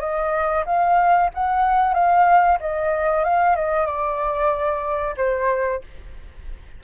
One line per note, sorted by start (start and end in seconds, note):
0.00 0.65 D#5
0.66 1.31 F5
1.35 1.94 F#5
1.94 2.59 F5
2.61 3.25 D#5
3.25 3.56 F5
3.56 3.87 D#5
3.87 5.16 D5
5.18 5.82 C5